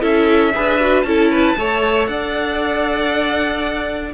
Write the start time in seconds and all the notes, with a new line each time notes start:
0.00 C#4 E4 A4 E5
0.54 D4 G#4 B4
0.80 F#4
1.02 C#4 E4 A4 A5
1.31 B4
1.56 A3 A4 C#5
2.06 D4 D5 F#5